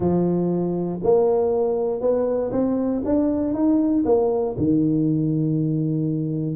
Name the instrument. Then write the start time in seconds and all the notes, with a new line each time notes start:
tuba
0.00 F3
1.03 A#3
2.00 B3
2.51 C4
3.04 D4
3.53 D#4
4.05 A#3
4.57 D#3